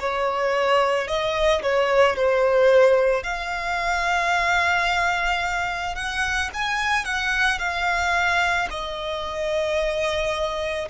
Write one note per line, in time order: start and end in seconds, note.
0.00 1.08 C#5
1.08 1.62 D#5
1.63 2.16 C#5
2.16 3.23 C5
3.23 5.96 F5
5.96 6.50 F#5
6.54 7.05 G#5
7.05 7.59 F#5
7.59 8.68 F5
8.71 10.89 D#5